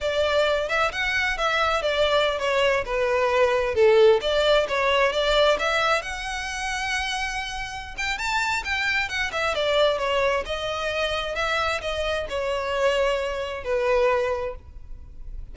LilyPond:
\new Staff \with { instrumentName = "violin" } { \time 4/4 \tempo 4 = 132 d''4. e''8 fis''4 e''4 | d''4~ d''16 cis''4 b'4.~ b'16~ | b'16 a'4 d''4 cis''4 d''8.~ | d''16 e''4 fis''2~ fis''8.~ |
fis''4. g''8 a''4 g''4 | fis''8 e''8 d''4 cis''4 dis''4~ | dis''4 e''4 dis''4 cis''4~ | cis''2 b'2 | }